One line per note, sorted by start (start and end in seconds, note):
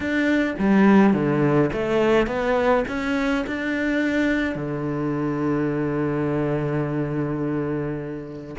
0.00 0.54 D4
0.58 1.13 G3
1.13 1.70 D3
1.72 2.26 A3
2.26 2.84 B3
2.88 3.45 C#4
3.46 4.55 D4
4.55 8.55 D3